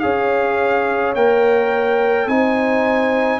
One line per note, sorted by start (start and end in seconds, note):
0.00 1.15 C#4
0.00 1.16 G#4
0.00 2.29 C#5
0.00 1.13 F5
1.15 2.27 A#3
1.15 2.29 A#4
1.15 2.29 G5
2.27 3.40 C4
2.27 3.40 D#4
2.27 3.40 C5
2.27 3.40 G#5